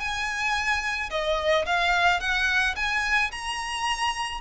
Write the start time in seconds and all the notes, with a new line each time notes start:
0.00 G#5
1.11 D#5
1.66 F5
2.20 F#5
2.76 G#5
3.32 A#5